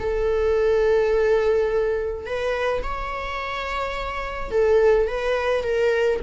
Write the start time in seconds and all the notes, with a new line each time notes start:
0.00 A4
2.26 B4
2.83 C#5
4.51 A4
5.08 B4
5.64 A#4